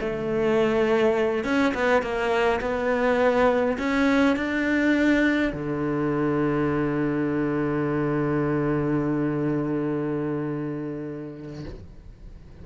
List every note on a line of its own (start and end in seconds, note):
0.00 1.44 A3
1.44 1.73 C#4
1.74 2.02 B3
2.02 2.60 A#3
2.61 3.77 B3
3.78 4.36 C#4
4.36 5.52 D4
5.53 11.64 D3